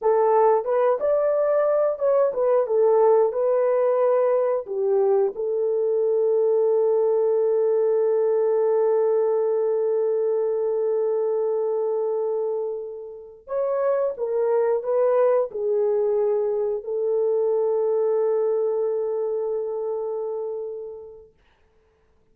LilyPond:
\new Staff \with { instrumentName = "horn" } { \time 4/4 \tempo 4 = 90 a'4 b'8 d''4. cis''8 b'8 | a'4 b'2 g'4 | a'1~ | a'1~ |
a'1~ | a'16 cis''4 ais'4 b'4 gis'8.~ | gis'4~ gis'16 a'2~ a'8.~ | a'1 | }